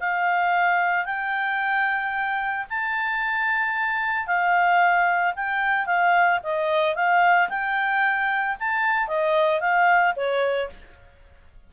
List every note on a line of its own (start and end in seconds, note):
0.00 1.05 F5
1.05 2.66 G5
2.70 4.27 A5
4.27 5.34 F5
5.36 5.86 G5
5.86 6.40 F5
6.43 6.95 D#5
6.95 7.49 F5
7.49 8.56 G5
8.60 9.08 A5
9.08 9.60 D#5
9.60 10.14 F5
10.16 10.69 C#5